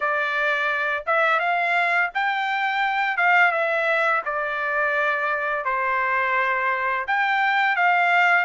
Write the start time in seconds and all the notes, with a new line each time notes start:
0.00 D5
1.06 E5
1.39 F5
2.14 G5
3.17 F5
3.51 E5
4.25 D5
5.65 C5
7.07 G5
7.76 F5